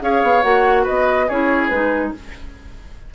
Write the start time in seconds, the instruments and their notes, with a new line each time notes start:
0.00 bassoon C#4, clarinet G#4, oboe C#5, flute F5
0.22 bassoon B3
0.42 bassoon A#3, clarinet F#4, flute F#5
0.83 bassoon B3, oboe B4, flute D#5
1.27 bassoon C#4, clarinet E4, oboe G#4, flute C#5
1.68 bassoon G#3, clarinet D#4, flute B4